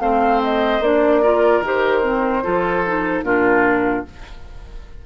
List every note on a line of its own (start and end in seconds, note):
0.00 0.80 A3
0.00 0.82 C4
0.00 1.22 C5
0.00 0.41 F5
0.44 0.83 D#5
0.80 1.61 A#3
0.80 1.24 D4
0.80 1.64 D5
1.22 1.64 F4
1.22 2.44 A#4
1.61 2.43 D#3
1.61 2.03 G4
1.61 3.24 C5
2.03 2.44 C4
2.44 3.23 F3
2.44 2.84 F4
2.44 3.25 A4
2.87 3.25 D#4
3.23 4.04 A#2
3.23 4.06 D4
3.23 4.06 F4
3.23 4.05 A#4